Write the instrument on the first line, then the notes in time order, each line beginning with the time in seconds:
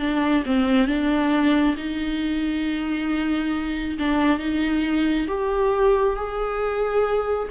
viola
0.00 D4
0.46 C4
0.88 D4
1.77 D#4
3.99 D4
4.40 D#4
5.28 G4
6.17 G#4